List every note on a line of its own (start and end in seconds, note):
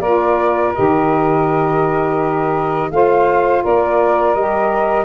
0.00 0.72 A#3
0.00 0.75 F4
0.00 2.90 A#4
0.00 0.73 D5
0.75 2.91 D#3
0.75 2.91 G4
0.75 2.91 D#5
2.91 3.63 A3
2.91 4.36 F4
2.91 3.63 C5
2.91 3.64 F5
3.63 4.35 A#3
3.63 5.05 A#4
3.63 4.34 D5
4.34 5.05 G3
4.34 5.05 G4
4.34 5.05 D#5